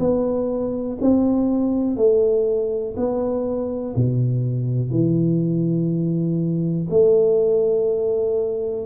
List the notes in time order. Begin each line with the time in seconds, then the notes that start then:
0.00 B3
1.01 C4
1.97 A3
2.97 B3
3.96 B2
4.91 E3
6.90 A3